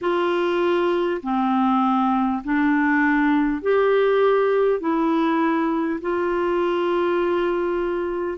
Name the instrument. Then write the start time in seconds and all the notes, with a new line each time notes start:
clarinet
0.01 F4
1.22 C4
2.44 D4
3.62 G4
4.80 E4
6.01 F4